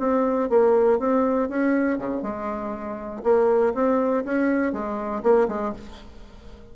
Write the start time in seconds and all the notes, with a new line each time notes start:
0.00 C4
0.50 A#3
0.99 C4
1.50 C#4
1.99 C#3
2.23 G#3
3.24 A#3
3.75 C4
4.25 C#4
4.73 G#3
5.23 A#3
5.49 G#3